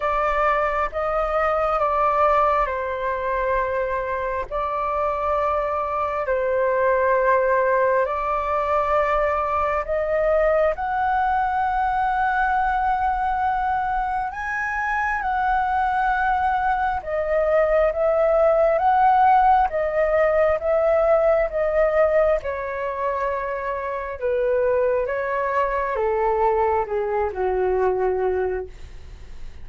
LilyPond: \new Staff \with { instrumentName = "flute" } { \time 4/4 \tempo 4 = 67 d''4 dis''4 d''4 c''4~ | c''4 d''2 c''4~ | c''4 d''2 dis''4 | fis''1 |
gis''4 fis''2 dis''4 | e''4 fis''4 dis''4 e''4 | dis''4 cis''2 b'4 | cis''4 a'4 gis'8 fis'4. | }